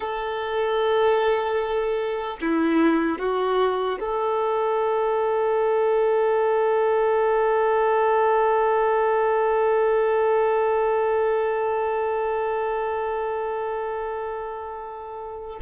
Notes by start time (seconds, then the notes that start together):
0.00 A4
2.41 E4
3.18 F#4
3.99 A4